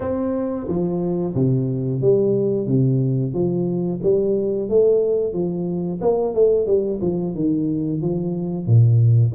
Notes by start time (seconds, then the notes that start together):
0.00 C4
0.68 F3
1.35 C3
2.01 G3
2.66 C3
3.33 F3
4.02 G3
4.69 A3
5.33 F3
6.01 A#3
6.34 A3
6.66 G3
7.01 F3
7.35 D#3
8.01 F3
8.66 A#2